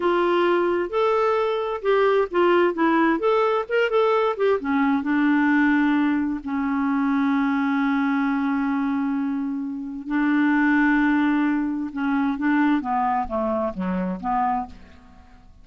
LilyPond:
\new Staff \with { instrumentName = "clarinet" } { \time 4/4 \tempo 4 = 131 f'2 a'2 | g'4 f'4 e'4 a'4 | ais'8 a'4 g'8 cis'4 d'4~ | d'2 cis'2~ |
cis'1~ | cis'2 d'2~ | d'2 cis'4 d'4 | b4 a4 fis4 b4 | }